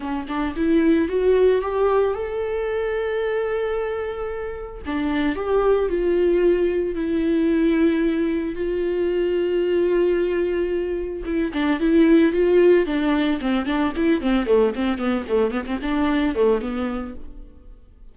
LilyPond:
\new Staff \with { instrumentName = "viola" } { \time 4/4 \tempo 4 = 112 cis'8 d'8 e'4 fis'4 g'4 | a'1~ | a'4 d'4 g'4 f'4~ | f'4 e'2. |
f'1~ | f'4 e'8 d'8 e'4 f'4 | d'4 c'8 d'8 e'8 c'8 a8 c'8 | b8 a8 b16 c'16 d'4 a8 b4 | }